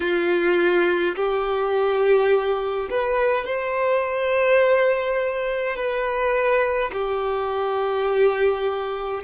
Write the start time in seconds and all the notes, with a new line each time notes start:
0.00 F4
1.15 G4
2.90 B4
3.45 C5
5.75 B4
6.92 G4